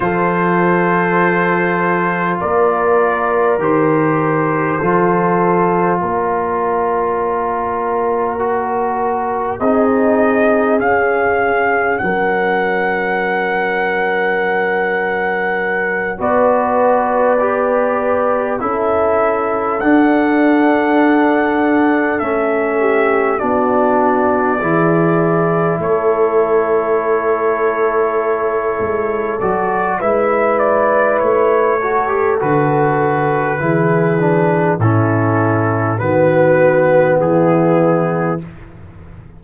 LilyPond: <<
  \new Staff \with { instrumentName = "trumpet" } { \time 4/4 \tempo 4 = 50 c''2 d''4 c''4~ | c''4 cis''2. | dis''4 f''4 fis''2~ | fis''4. d''2 e''8~ |
e''8 fis''2 e''4 d''8~ | d''4. cis''2~ cis''8~ | cis''8 d''8 e''8 d''8 cis''4 b'4~ | b'4 a'4 b'4 gis'4 | }
  \new Staff \with { instrumentName = "horn" } { \time 4/4 a'2 ais'2 | a'4 ais'2. | gis'2 ais'2~ | ais'4. b'2 a'8~ |
a'2. g'8 fis'8~ | fis'8 gis'4 a'2~ a'8~ | a'4 b'4. a'4. | gis'4 e'4 fis'4 e'4 | }
  \new Staff \with { instrumentName = "trombone" } { \time 4/4 f'2. g'4 | f'2. fis'4 | dis'4 cis'2.~ | cis'4. fis'4 g'4 e'8~ |
e'8 d'2 cis'4 d'8~ | d'8 e'2.~ e'8~ | e'8 fis'8 e'4. fis'16 g'16 fis'4 | e'8 d'8 cis'4 b2 | }
  \new Staff \with { instrumentName = "tuba" } { \time 4/4 f2 ais4 dis4 | f4 ais2. | c'4 cis'4 fis2~ | fis4. b2 cis'8~ |
cis'8 d'2 a4 b8~ | b8 e4 a2~ a8 | gis8 fis8 gis4 a4 d4 | e4 a,4 dis4 e4 | }
>>